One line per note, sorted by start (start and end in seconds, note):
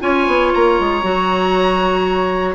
0.00 0.27 C#4
0.00 1.02 F4
0.00 2.55 C#5
0.00 0.52 G#5
0.27 0.53 B3
0.54 0.80 A#3
0.54 2.55 A#5
0.80 1.03 G#3
1.03 2.55 F#3
1.03 2.55 F#4